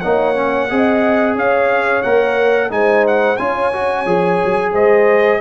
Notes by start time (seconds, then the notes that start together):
0.00 A#3 D#4 C#5 F#5
0.35 C#4
0.69 C4 G#4 D#5
1.35 C#4 C#5 F5
2.02 A#3 A#4 F#5
2.70 G#3 D#4 C5 G#5
3.07 F#5
3.37 C#4 F4 C#5 G#5
3.73 F#4
4.06 F3 G#4
4.44 F#3
4.72 G#3 C5 D#5